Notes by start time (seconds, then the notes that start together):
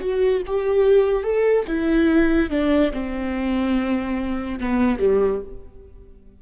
0.00 F#4
0.46 G4
1.23 A4
1.67 E4
2.50 D4
2.92 C4
4.59 B3
4.99 G3